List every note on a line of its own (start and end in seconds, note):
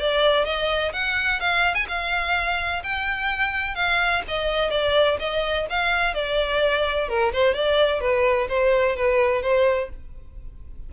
0.00 0.45 D5
0.45 0.93 D#5
0.93 1.40 F#5
1.40 1.75 F5
1.75 1.87 G#5
1.88 2.83 F5
2.84 3.75 G5
3.75 4.23 F5
4.28 4.71 D#5
4.71 5.18 D5
5.19 5.67 D#5
5.70 6.14 F5
6.14 7.09 D5
7.09 7.32 A#4
7.33 7.54 C5
7.54 8.01 D5
8.01 8.48 B4
8.49 8.96 C5
8.96 9.43 B4
9.43 9.90 C5